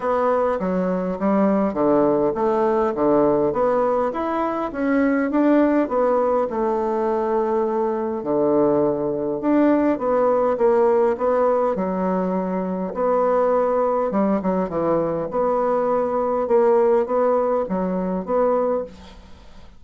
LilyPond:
\new Staff \with { instrumentName = "bassoon" } { \time 4/4 \tempo 4 = 102 b4 fis4 g4 d4 | a4 d4 b4 e'4 | cis'4 d'4 b4 a4~ | a2 d2 |
d'4 b4 ais4 b4 | fis2 b2 | g8 fis8 e4 b2 | ais4 b4 fis4 b4 | }